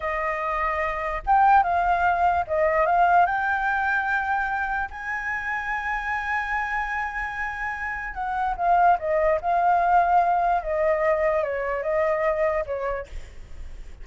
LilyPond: \new Staff \with { instrumentName = "flute" } { \time 4/4 \tempo 4 = 147 dis''2. g''4 | f''2 dis''4 f''4 | g''1 | gis''1~ |
gis''1 | fis''4 f''4 dis''4 f''4~ | f''2 dis''2 | cis''4 dis''2 cis''4 | }